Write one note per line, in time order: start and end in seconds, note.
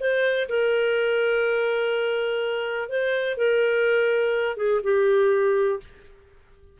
0.00 0.48 C5
0.49 2.89 A#4
2.89 3.37 C5
3.37 4.56 A#4
4.56 4.81 G#4
4.83 5.80 G4